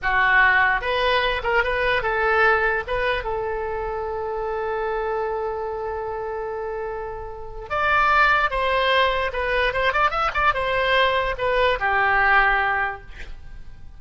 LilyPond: \new Staff \with { instrumentName = "oboe" } { \time 4/4 \tempo 4 = 148 fis'2 b'4. ais'8 | b'4 a'2 b'4 | a'1~ | a'1~ |
a'2. d''4~ | d''4 c''2 b'4 | c''8 d''8 e''8 d''8 c''2 | b'4 g'2. | }